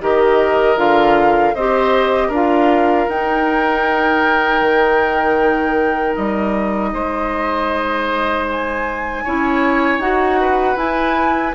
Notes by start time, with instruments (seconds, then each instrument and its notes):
0.00 bassoon D#3, clarinet G4, oboe A#4, flute D#5
0.76 bassoon D3, clarinet F4, flute F5
1.54 bassoon C4, clarinet G4, oboe C5, flute D#5
2.28 bassoon D4, clarinet F4, oboe A#4
2.34 flute F5
3.08 bassoon D#4, clarinet D#4, flute G5
4.60 bassoon D#3
6.16 bassoon G3, flute D#5
6.93 bassoon G#3, oboe C5
8.51 flute G#5
9.24 bassoon C#4, clarinet E4, oboe C#5
9.98 bassoon D#4, clarinet F#4, flute F#5
10.40 oboe B4
10.76 bassoon E4, clarinet E4, flute G#5